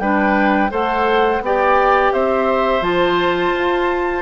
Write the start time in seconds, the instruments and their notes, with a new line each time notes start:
0.00 bassoon G3, clarinet D4, oboe B4, flute G5
0.70 bassoon A3, clarinet A4, oboe C5, flute F#5
1.41 bassoon B3, clarinet G4, oboe D5, flute G5
2.14 bassoon C4, oboe C5, flute E5
2.81 bassoon F3, clarinet F4, flute A5
3.55 bassoon F4